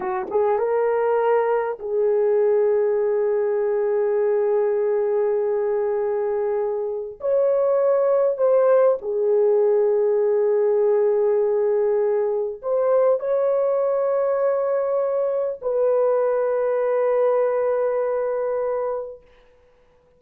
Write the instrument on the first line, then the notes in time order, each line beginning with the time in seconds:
horn
0.00 F#4
0.30 G#4
0.58 A#4
1.79 G#4
7.20 C#5
8.37 C5
9.01 G#4
12.62 C5
13.19 C#5
15.61 B4